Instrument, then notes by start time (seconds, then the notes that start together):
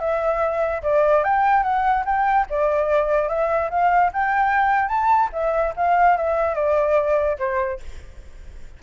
flute
0.00 E5
0.83 D5
1.24 G5
1.63 F#5
2.05 G5
2.50 D5
3.29 E5
3.70 F5
4.13 G5
4.88 A5
5.33 E5
5.76 F5
6.17 E5
6.55 D5
7.39 C5